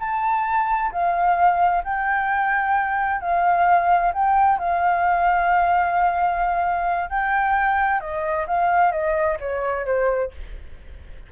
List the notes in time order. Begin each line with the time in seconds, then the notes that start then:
0.00 A5
0.92 F5
1.84 G5
3.21 F5
4.13 G5
4.59 F5
7.10 G5
8.01 D#5
8.47 F5
8.92 D#5
9.40 C#5
9.86 C5